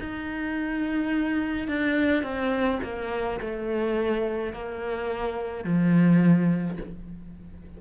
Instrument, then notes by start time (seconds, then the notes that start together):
cello
0.00 D#4
1.67 D4
2.22 C4
2.83 A#3
3.40 A3
4.53 A#3
5.64 F3